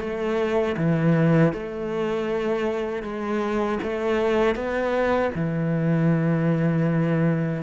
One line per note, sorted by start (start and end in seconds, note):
0.00 0.76 A3
0.77 1.53 E3
1.53 3.03 A3
3.03 3.79 G#3
3.83 4.55 A3
4.55 5.31 B3
5.35 7.63 E3